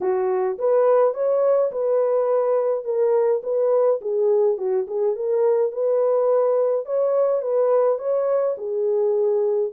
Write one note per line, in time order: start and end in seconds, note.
0.00 0.57 F#4
0.58 1.14 B4
1.14 1.71 C#5
1.71 2.84 B4
2.84 3.41 A#4
3.43 4.00 B4
4.01 4.57 G#4
4.57 4.86 F#4
4.87 5.15 G#4
5.15 5.72 A#4
5.72 6.85 B4
6.85 7.41 C#5
7.41 7.98 B4
7.98 8.55 C#5
8.57 9.71 G#4